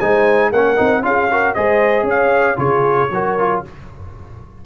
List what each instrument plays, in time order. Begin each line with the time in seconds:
0.00 tuba G#3, trombone D#4, horn C5, trumpet G#5
0.52 tuba A#3, trombone C#4, horn A#4, trumpet F#5
0.77 tuba C4, trombone D#4
1.02 tuba C#4, trombone F4, horn G#4, trumpet F5
1.31 trombone F#4, horn A#4
1.55 tuba G#3, trombone G#4, horn C5, trumpet D#5
2.03 tuba C#4, horn C#5
2.10 trumpet F5
2.57 tuba C#3, trombone F4, horn G#4, trumpet C#5
3.11 tuba F#3, trombone F#4, horn A#4
3.39 trombone F4